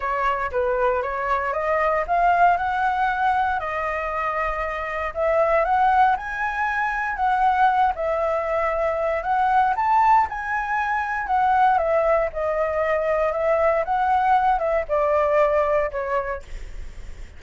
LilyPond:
\new Staff \with { instrumentName = "flute" } { \time 4/4 \tempo 4 = 117 cis''4 b'4 cis''4 dis''4 | f''4 fis''2 dis''4~ | dis''2 e''4 fis''4 | gis''2 fis''4. e''8~ |
e''2 fis''4 a''4 | gis''2 fis''4 e''4 | dis''2 e''4 fis''4~ | fis''8 e''8 d''2 cis''4 | }